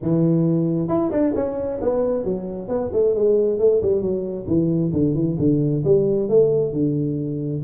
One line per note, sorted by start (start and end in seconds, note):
0.02 0.88 E3
0.88 1.10 E4
1.11 1.33 D4
1.35 1.80 C#4
1.81 2.24 B3
2.24 2.68 F#3
2.68 2.90 B3
2.92 3.14 A3
3.14 3.59 G#3
3.59 3.81 A3
3.82 4.01 G3
4.01 4.46 F#3
4.47 4.92 E3
4.92 5.14 D3
5.14 5.36 E3
5.38 5.83 D3
5.84 6.28 G3
6.28 6.72 A3
6.72 7.62 D3